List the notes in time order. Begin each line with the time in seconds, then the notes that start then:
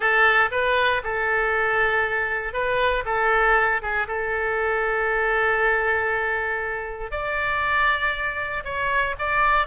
0.00 A4
0.51 B4
1.03 A4
2.53 B4
3.05 A4
3.81 G#4
4.07 A4
7.11 D5
8.64 C#5
9.18 D5